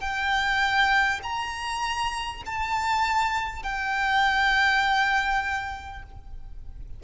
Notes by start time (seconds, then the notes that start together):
0.00 G5
1.23 A#5
2.45 A5
3.63 G5